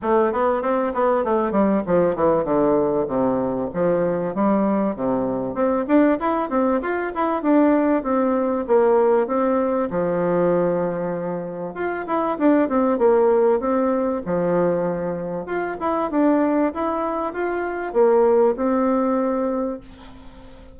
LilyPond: \new Staff \with { instrumentName = "bassoon" } { \time 4/4 \tempo 4 = 97 a8 b8 c'8 b8 a8 g8 f8 e8 | d4 c4 f4 g4 | c4 c'8 d'8 e'8 c'8 f'8 e'8 | d'4 c'4 ais4 c'4 |
f2. f'8 e'8 | d'8 c'8 ais4 c'4 f4~ | f4 f'8 e'8 d'4 e'4 | f'4 ais4 c'2 | }